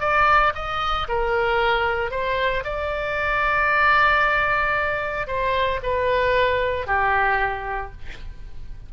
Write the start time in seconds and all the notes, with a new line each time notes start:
0.00 D5
0.55 D#5
1.09 A#4
2.11 C5
2.64 D5
5.27 C5
5.83 B4
6.87 G4